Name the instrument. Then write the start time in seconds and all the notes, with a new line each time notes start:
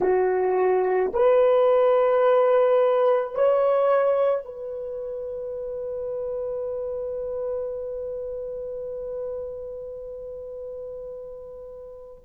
horn
0.01 F#4
1.13 B4
3.34 C#5
4.45 B4